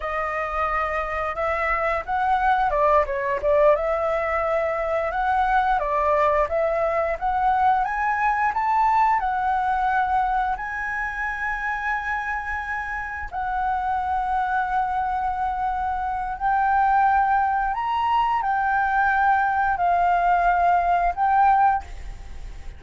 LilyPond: \new Staff \with { instrumentName = "flute" } { \time 4/4 \tempo 4 = 88 dis''2 e''4 fis''4 | d''8 cis''8 d''8 e''2 fis''8~ | fis''8 d''4 e''4 fis''4 gis''8~ | gis''8 a''4 fis''2 gis''8~ |
gis''2.~ gis''8 fis''8~ | fis''1 | g''2 ais''4 g''4~ | g''4 f''2 g''4 | }